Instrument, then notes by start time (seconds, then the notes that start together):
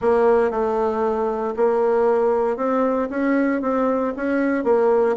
bassoon
0.01 A#3
0.51 A3
1.56 A#3
2.56 C4
3.10 C#4
3.61 C4
4.16 C#4
4.64 A#3